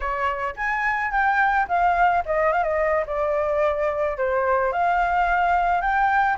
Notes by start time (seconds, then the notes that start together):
0.00 C#5
0.56 G#5
1.11 G5
1.68 F5
2.25 D#5
2.52 F5
2.63 D#5
3.06 D5
4.17 C5
4.72 F5
5.81 G5